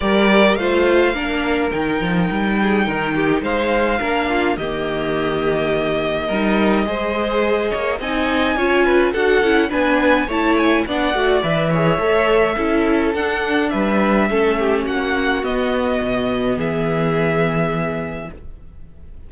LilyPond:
<<
  \new Staff \with { instrumentName = "violin" } { \time 4/4 \tempo 4 = 105 d''4 f''2 g''4~ | g''2 f''2 | dis''1~ | dis''2 gis''2 |
fis''4 gis''4 a''8 gis''8 fis''4 | e''2. fis''4 | e''2 fis''4 dis''4~ | dis''4 e''2. | }
  \new Staff \with { instrumentName = "violin" } { \time 4/4 ais'4 c''4 ais'2~ | ais'8 gis'8 ais'8 g'8 c''4 ais'8 f'8 | g'2. ais'4 | c''4. cis''8 dis''4 cis''8 b'8 |
a'4 b'4 cis''4 d''4~ | d''8 cis''4. a'2 | b'4 a'8 g'8 fis'2~ | fis'4 gis'2. | }
  \new Staff \with { instrumentName = "viola" } { \time 4/4 g'4 f'4 d'4 dis'4~ | dis'2. d'4 | ais2. dis'4 | gis'2 dis'4 f'4 |
fis'8 e'8 d'4 e'4 d'8 fis'8 | b'8 gis'8 a'4 e'4 d'4~ | d'4 cis'2 b4~ | b1 | }
  \new Staff \with { instrumentName = "cello" } { \time 4/4 g4 a4 ais4 dis8 f8 | g4 dis4 gis4 ais4 | dis2. g4 | gis4. ais8 c'4 cis'4 |
d'8 cis'8 b4 a4 b8 a8 | e4 a4 cis'4 d'4 | g4 a4 ais4 b4 | b,4 e2. | }
>>